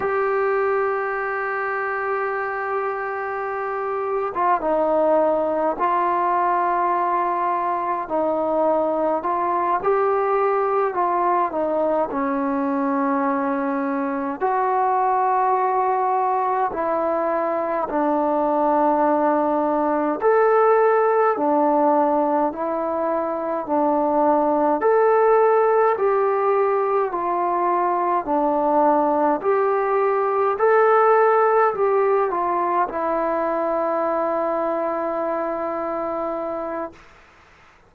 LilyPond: \new Staff \with { instrumentName = "trombone" } { \time 4/4 \tempo 4 = 52 g'2.~ g'8. f'16 | dis'4 f'2 dis'4 | f'8 g'4 f'8 dis'8 cis'4.~ | cis'8 fis'2 e'4 d'8~ |
d'4. a'4 d'4 e'8~ | e'8 d'4 a'4 g'4 f'8~ | f'8 d'4 g'4 a'4 g'8 | f'8 e'2.~ e'8 | }